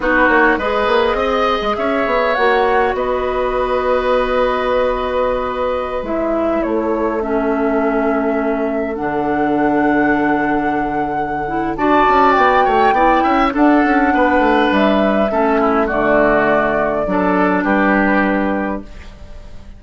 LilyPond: <<
  \new Staff \with { instrumentName = "flute" } { \time 4/4 \tempo 4 = 102 b'8 cis''8 dis''2 e''4 | fis''4 dis''2.~ | dis''2~ dis''16 e''4 cis''8.~ | cis''16 e''2. fis''8.~ |
fis''1 | a''4 g''2 fis''4~ | fis''4 e''2 d''4~ | d''2 b'2 | }
  \new Staff \with { instrumentName = "oboe" } { \time 4/4 fis'4 b'4 dis''4 cis''4~ | cis''4 b'2.~ | b'2.~ b'16 a'8.~ | a'1~ |
a'1 | d''4. cis''8 d''8 e''8 a'4 | b'2 a'8 e'8 fis'4~ | fis'4 a'4 g'2 | }
  \new Staff \with { instrumentName = "clarinet" } { \time 4/4 dis'4 gis'2. | fis'1~ | fis'2~ fis'16 e'4.~ e'16~ | e'16 cis'2. d'8.~ |
d'2.~ d'8 e'8 | fis'2 e'4 d'4~ | d'2 cis'4 a4~ | a4 d'2. | }
  \new Staff \with { instrumentName = "bassoon" } { \time 4/4 b8 ais8 gis8 ais8 c'8. gis16 cis'8 b8 | ais4 b2.~ | b2~ b16 gis4 a8.~ | a2.~ a16 d8.~ |
d1 | d'8 cis'8 b8 a8 b8 cis'8 d'8 cis'8 | b8 a8 g4 a4 d4~ | d4 fis4 g2 | }
>>